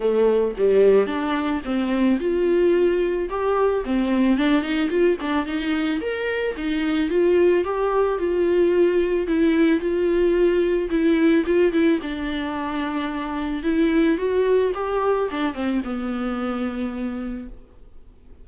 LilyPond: \new Staff \with { instrumentName = "viola" } { \time 4/4 \tempo 4 = 110 a4 g4 d'4 c'4 | f'2 g'4 c'4 | d'8 dis'8 f'8 d'8 dis'4 ais'4 | dis'4 f'4 g'4 f'4~ |
f'4 e'4 f'2 | e'4 f'8 e'8 d'2~ | d'4 e'4 fis'4 g'4 | d'8 c'8 b2. | }